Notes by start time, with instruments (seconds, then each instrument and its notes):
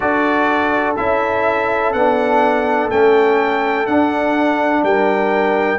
0.00 tuba D4, trombone F#4, horn A4, trumpet D5
0.96 tuba C#4, trombone E4, trumpet E5
1.92 tuba B3, trombone D4, trumpet F#5
2.90 tuba A3, trombone C#4, trumpet G5
3.86 trombone D4, tuba D4, trumpet F#5
4.82 tuba G3, horn A#4, trumpet G5